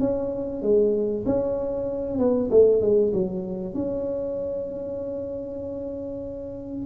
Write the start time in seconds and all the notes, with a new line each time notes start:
0.00 C#4
0.63 G#3
1.26 C#4
2.19 B3
2.51 A3
2.82 G#3
3.13 F#3
3.75 C#4